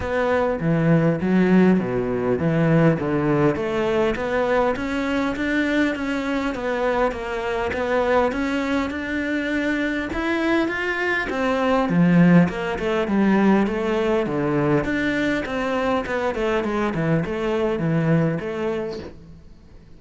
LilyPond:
\new Staff \with { instrumentName = "cello" } { \time 4/4 \tempo 4 = 101 b4 e4 fis4 b,4 | e4 d4 a4 b4 | cis'4 d'4 cis'4 b4 | ais4 b4 cis'4 d'4~ |
d'4 e'4 f'4 c'4 | f4 ais8 a8 g4 a4 | d4 d'4 c'4 b8 a8 | gis8 e8 a4 e4 a4 | }